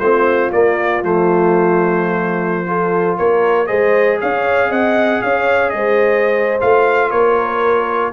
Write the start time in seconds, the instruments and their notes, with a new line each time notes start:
0.00 tuba A3, trombone C4, horn F4, trumpet C5
0.52 trombone A#3, tuba A#3, trumpet D5
1.03 tuba F3, trombone A3, trumpet C5
2.67 trombone F4, horn A4
3.18 tuba A#3, horn A#4, trumpet C#5
3.67 tuba G#3, trombone G#4, horn C5, trumpet D#5
4.21 tuba C#4, horn C#5, trumpet F5
4.69 tuba C4, horn D#5, trumpet F#5
5.22 tuba C#4, horn C#5, trumpet F5
5.70 tuba G#3, trumpet D#5
5.76 horn C5
6.60 tuba A3, trombone F4, trumpet F5
7.11 tuba A#3, horn A#4, trumpet C#5